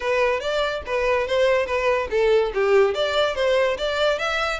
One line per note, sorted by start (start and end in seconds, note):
0.00 0.40 B4
0.40 0.82 D5
0.86 1.27 B4
1.27 1.66 C5
1.66 2.08 B4
2.10 2.52 A4
2.53 2.94 G4
2.94 3.35 D5
3.35 3.77 C5
3.77 4.18 D5
4.18 4.59 E5